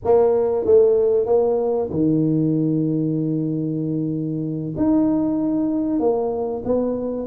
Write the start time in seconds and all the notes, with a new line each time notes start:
0.04 A#3
0.65 A3
1.26 A#3
1.89 D#3
4.76 D#4
5.99 A#3
6.65 B3